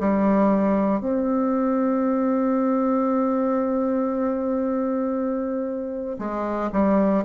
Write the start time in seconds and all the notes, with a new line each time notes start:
0.00 G3
1.00 C4
6.19 G#3
6.72 G3